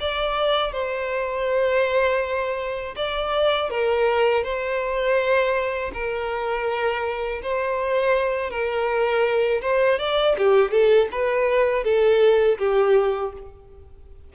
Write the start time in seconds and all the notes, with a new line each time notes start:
0.00 D5
0.72 C5
2.96 D5
3.70 A#4
4.43 C5
5.93 A#4
7.42 C5
8.50 A#4
9.62 C5
9.99 D5
10.38 G4
10.71 A4
11.12 B4
11.84 A4
12.59 G4